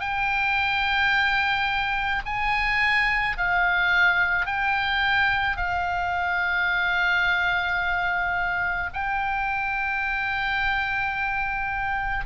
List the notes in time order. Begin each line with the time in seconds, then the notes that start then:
0.00 G5
2.25 G#5
3.37 F5
4.46 G5
5.57 F5
8.93 G5